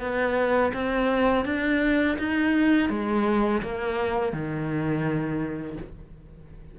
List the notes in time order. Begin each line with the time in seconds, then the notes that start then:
0.00 B3
0.73 C4
1.45 D4
2.19 D#4
2.89 G#3
3.62 A#3
4.32 D#3